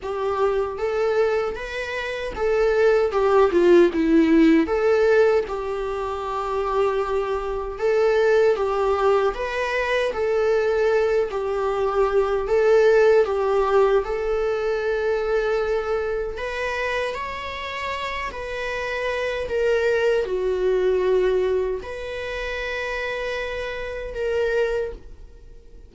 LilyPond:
\new Staff \with { instrumentName = "viola" } { \time 4/4 \tempo 4 = 77 g'4 a'4 b'4 a'4 | g'8 f'8 e'4 a'4 g'4~ | g'2 a'4 g'4 | b'4 a'4. g'4. |
a'4 g'4 a'2~ | a'4 b'4 cis''4. b'8~ | b'4 ais'4 fis'2 | b'2. ais'4 | }